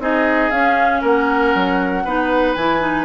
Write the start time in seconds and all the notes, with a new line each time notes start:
0.00 C4 D#4 G#4 D#5
0.51 C#4 F5
1.02 A#3 A#4 F#5
1.55 F#3
2.05 B3 D#4 B4
2.55 E3 E4 G#5
2.80 D#4